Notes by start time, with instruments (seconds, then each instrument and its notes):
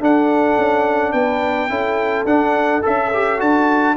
0.00 tuba D4, trombone D4, horn A4, trumpet F#5
0.58 tuba C#4
1.12 tuba B3, horn B4, trumpet G5
1.69 tuba C#4, trombone E4, horn A4
2.25 tuba D4, trombone D4, trumpet F#5
2.82 tuba C#4, trombone A4, trumpet E5
3.13 trombone G4
3.39 tuba D4, trombone F#4, trumpet A5